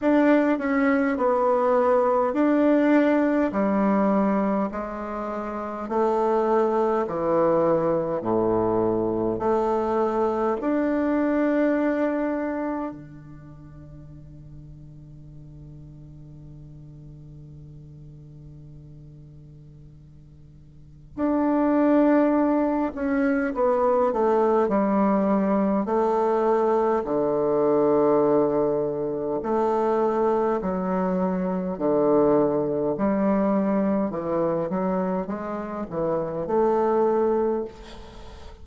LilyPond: \new Staff \with { instrumentName = "bassoon" } { \time 4/4 \tempo 4 = 51 d'8 cis'8 b4 d'4 g4 | gis4 a4 e4 a,4 | a4 d'2 d4~ | d1~ |
d2 d'4. cis'8 | b8 a8 g4 a4 d4~ | d4 a4 fis4 d4 | g4 e8 fis8 gis8 e8 a4 | }